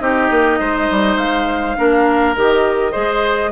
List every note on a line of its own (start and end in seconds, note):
0.00 0.30 C4
0.00 1.77 D#4
0.00 0.60 G4
0.00 1.18 D#5
0.30 0.60 A#3
0.60 0.89 G#3
0.60 1.77 C5
0.91 1.17 G3
1.17 1.76 G#3
1.17 2.35 F5
1.77 2.37 A#3
1.77 2.36 D4
1.77 2.92 A#4
2.36 2.96 D#3
2.36 2.92 G4
2.36 3.52 D#5
2.92 3.52 G#3
2.92 3.51 G#4
2.92 3.51 C5